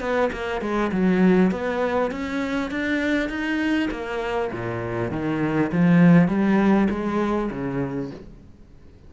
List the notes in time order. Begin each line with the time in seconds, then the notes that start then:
0.00 B3
0.32 A#3
0.61 G#3
0.92 F#3
1.51 B3
2.11 C#4
2.70 D4
3.29 D#4
3.90 A#3
4.52 A#2
5.11 D#3
5.72 F3
6.28 G3
6.89 G#3
7.50 C#3